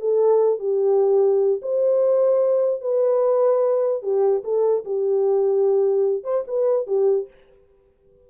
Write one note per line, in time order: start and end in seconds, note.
0.00 0.59 A4
0.59 1.61 G4
1.62 2.81 C5
2.81 4.02 B4
4.02 4.43 G4
4.44 4.84 A4
4.85 6.24 G4
6.24 6.44 C5
6.47 6.87 B4
6.87 7.28 G4